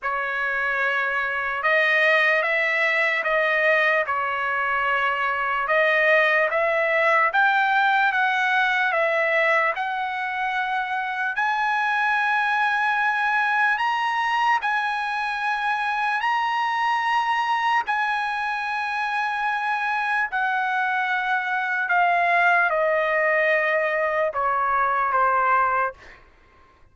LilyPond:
\new Staff \with { instrumentName = "trumpet" } { \time 4/4 \tempo 4 = 74 cis''2 dis''4 e''4 | dis''4 cis''2 dis''4 | e''4 g''4 fis''4 e''4 | fis''2 gis''2~ |
gis''4 ais''4 gis''2 | ais''2 gis''2~ | gis''4 fis''2 f''4 | dis''2 cis''4 c''4 | }